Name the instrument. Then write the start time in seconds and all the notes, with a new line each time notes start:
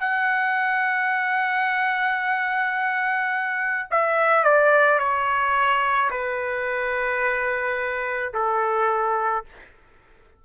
trumpet
0.00 F#5
3.91 E5
4.44 D5
4.99 C#5
6.11 B4
8.33 A4